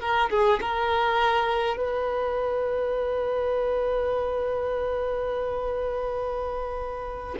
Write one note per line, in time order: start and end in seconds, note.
0.00 0.29 A#4
0.30 0.59 G#4
0.61 1.76 A#4
1.76 7.35 B4